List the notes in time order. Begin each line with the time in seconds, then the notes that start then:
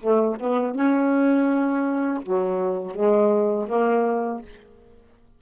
0.00 A3
0.40 B3
0.75 C#4
2.22 F#3
2.95 G#3
3.68 A#3